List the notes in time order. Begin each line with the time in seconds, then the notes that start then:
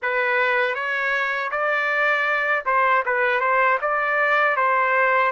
0.02 B4
0.74 C#5
1.51 D5
2.65 C5
3.05 B4
3.40 C5
3.81 D5
4.56 C5